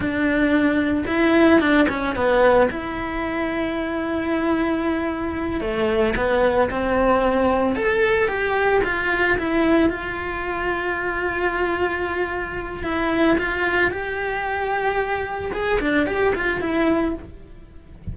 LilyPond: \new Staff \with { instrumentName = "cello" } { \time 4/4 \tempo 4 = 112 d'2 e'4 d'8 cis'8 | b4 e'2.~ | e'2~ e'8 a4 b8~ | b8 c'2 a'4 g'8~ |
g'8 f'4 e'4 f'4.~ | f'1 | e'4 f'4 g'2~ | g'4 gis'8 d'8 g'8 f'8 e'4 | }